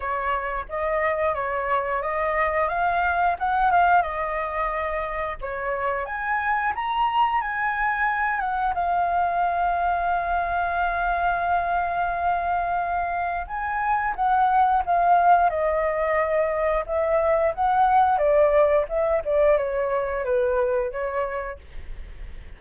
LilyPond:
\new Staff \with { instrumentName = "flute" } { \time 4/4 \tempo 4 = 89 cis''4 dis''4 cis''4 dis''4 | f''4 fis''8 f''8 dis''2 | cis''4 gis''4 ais''4 gis''4~ | gis''8 fis''8 f''2.~ |
f''1 | gis''4 fis''4 f''4 dis''4~ | dis''4 e''4 fis''4 d''4 | e''8 d''8 cis''4 b'4 cis''4 | }